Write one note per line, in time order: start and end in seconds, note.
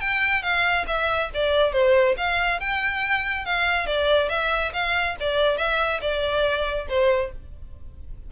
0.00 0.42 G5
0.42 0.85 F5
0.87 1.30 E5
1.34 1.72 D5
1.72 2.15 C5
2.17 2.59 F5
2.59 3.45 G5
3.45 3.86 F5
3.86 4.29 D5
4.29 4.72 E5
4.73 5.16 F5
5.20 5.57 D5
5.57 6.00 E5
6.01 6.87 D5
6.88 7.31 C5